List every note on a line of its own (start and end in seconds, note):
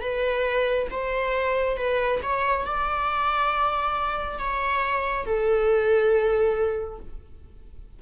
0.00 0.87 B4
0.90 1.77 C5
1.77 2.20 B4
2.22 2.66 C#5
2.66 4.38 D5
4.38 5.25 C#5
5.25 6.99 A4